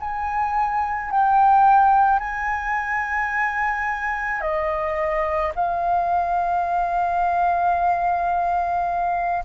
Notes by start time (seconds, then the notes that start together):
0.00 G#5
1.11 G5
2.19 G#5
4.41 D#5
5.55 F5